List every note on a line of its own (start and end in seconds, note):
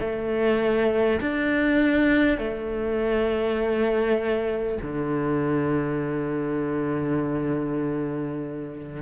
0.00 1.20 A3
1.21 2.38 D4
2.38 4.78 A3
4.82 9.02 D3